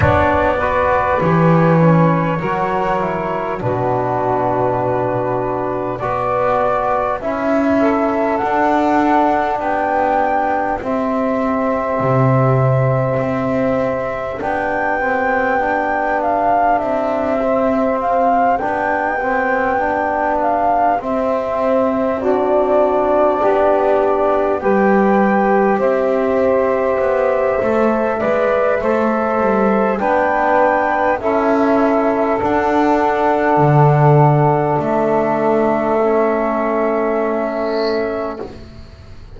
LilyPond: <<
  \new Staff \with { instrumentName = "flute" } { \time 4/4 \tempo 4 = 50 d''4 cis''2 b'4~ | b'4 d''4 e''4 fis''4 | g''4 e''2. | g''4. f''8 e''4 f''8 g''8~ |
g''4 f''8 e''4 d''4.~ | d''8 g''4 e''2~ e''8~ | e''4 g''4 e''4 fis''4~ | fis''4 e''2. | }
  \new Staff \with { instrumentName = "saxophone" } { \time 4/4 cis''8 b'4. ais'4 fis'4~ | fis'4 b'4. a'4. | g'1~ | g'1~ |
g'2~ g'8 fis'4 g'8~ | g'8 b'4 c''2 d''8 | c''4 b'4 a'2~ | a'1 | }
  \new Staff \with { instrumentName = "trombone" } { \time 4/4 d'8 fis'8 g'8 cis'8 fis'8 e'8 d'4~ | d'4 fis'4 e'4 d'4~ | d'4 c'2. | d'8 c'8 d'4. c'4 d'8 |
c'8 d'4 c'4 d'4.~ | d'8 g'2~ g'8 a'8 b'8 | a'4 d'4 e'4 d'4~ | d'2 cis'2 | }
  \new Staff \with { instrumentName = "double bass" } { \time 4/4 b4 e4 fis4 b,4~ | b,4 b4 cis'4 d'4 | b4 c'4 c4 c'4 | b2 c'4. b8~ |
b4. c'2 b8~ | b8 g4 c'4 b8 a8 gis8 | a8 g8 b4 cis'4 d'4 | d4 a2. | }
>>